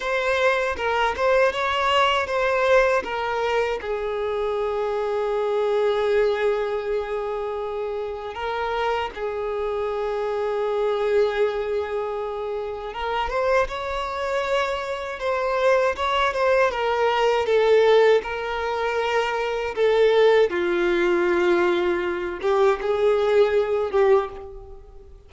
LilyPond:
\new Staff \with { instrumentName = "violin" } { \time 4/4 \tempo 4 = 79 c''4 ais'8 c''8 cis''4 c''4 | ais'4 gis'2.~ | gis'2. ais'4 | gis'1~ |
gis'4 ais'8 c''8 cis''2 | c''4 cis''8 c''8 ais'4 a'4 | ais'2 a'4 f'4~ | f'4. g'8 gis'4. g'8 | }